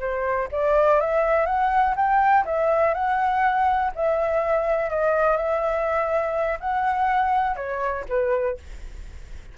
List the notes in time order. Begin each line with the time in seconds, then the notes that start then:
0.00 C5
0.52 D5
1.01 E5
1.47 F#5
1.96 G5
2.46 E5
2.94 F#5
3.96 E5
4.90 D#5
5.37 E5
6.61 F#5
7.56 C#5
8.09 B4